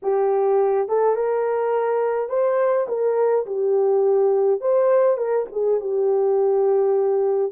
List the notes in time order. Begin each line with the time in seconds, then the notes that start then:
0.02 G4
0.88 A4
1.15 A#4
2.29 C5
2.88 A#4
3.46 G4
4.60 C5
5.17 A#4
5.52 G#4
5.80 G4